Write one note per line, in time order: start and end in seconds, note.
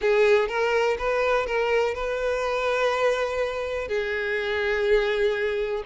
0.01 0.48 G#4
0.48 0.97 A#4
0.98 1.46 B4
1.46 1.94 A#4
1.94 3.88 B4
3.88 5.83 G#4